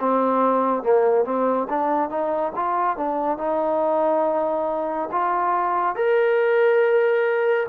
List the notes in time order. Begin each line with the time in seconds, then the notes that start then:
0.00 C4
0.83 A#3
1.25 C4
1.69 D4
2.10 D#4
2.56 F4
2.97 D4
3.38 D#4
5.11 F4
5.95 A#4